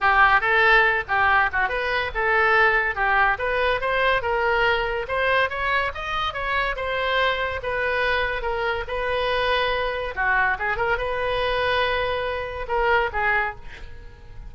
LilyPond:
\new Staff \with { instrumentName = "oboe" } { \time 4/4 \tempo 4 = 142 g'4 a'4. g'4 fis'8 | b'4 a'2 g'4 | b'4 c''4 ais'2 | c''4 cis''4 dis''4 cis''4 |
c''2 b'2 | ais'4 b'2. | fis'4 gis'8 ais'8 b'2~ | b'2 ais'4 gis'4 | }